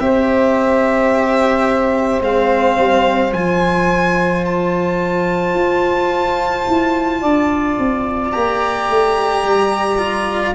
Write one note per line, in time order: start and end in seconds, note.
0.00 2.21 C4
0.00 2.22 G4
0.00 7.21 C5
0.00 2.22 E5
2.21 2.77 G#3
2.21 3.33 C4
2.21 3.33 F5
2.78 3.33 G3
3.33 5.54 F3
3.33 8.33 F4
3.33 4.44 G#5
4.46 8.32 A5
5.54 6.66 F4
6.68 7.22 E4
7.21 7.78 D4
7.21 10.55 D5
7.79 8.35 C4
8.32 8.90 A#3
8.32 9.99 G4
8.32 10.54 A#5
8.90 9.44 A3
9.44 10.55 G3
9.99 10.54 F4